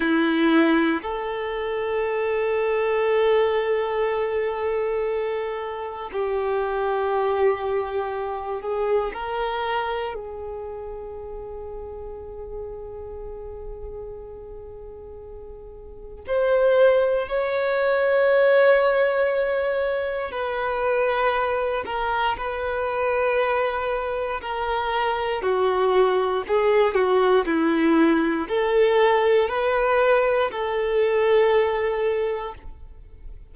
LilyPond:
\new Staff \with { instrumentName = "violin" } { \time 4/4 \tempo 4 = 59 e'4 a'2.~ | a'2 g'2~ | g'8 gis'8 ais'4 gis'2~ | gis'1 |
c''4 cis''2. | b'4. ais'8 b'2 | ais'4 fis'4 gis'8 fis'8 e'4 | a'4 b'4 a'2 | }